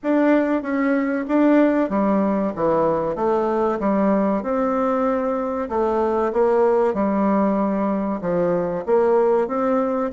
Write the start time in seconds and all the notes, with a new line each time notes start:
0.03 D4
0.62 C#4
1.28 D4
1.89 G3
2.55 E3
3.15 A3
3.79 G3
4.42 C4
5.69 A3
6.32 A#3
6.94 G3
8.21 F3
8.86 A#3
9.47 C4